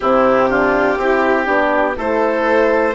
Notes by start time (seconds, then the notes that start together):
0.00 C3 C4 E4 G4
0.49 D4 F4
0.97 C4 E4 G4
1.45 B3 D4
1.96 A3 E4 A4 C5